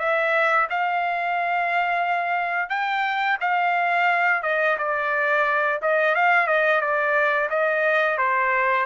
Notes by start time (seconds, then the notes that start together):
0.00 E5
0.70 F5
2.70 G5
3.41 F5
4.43 D#5
4.79 D5
5.82 D#5
6.15 F5
6.47 D#5
6.82 D5
7.50 D#5
8.18 C5